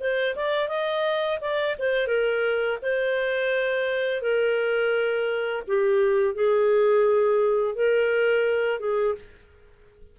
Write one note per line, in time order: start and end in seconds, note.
0.00 0.35 C5
0.36 0.68 D5
0.68 1.39 D#5
1.41 1.76 D5
1.79 2.07 C5
2.07 2.78 A#4
2.82 4.22 C5
4.22 5.63 A#4
5.68 6.35 G4
6.35 7.75 G#4
7.75 8.80 A#4
8.80 9.15 G#4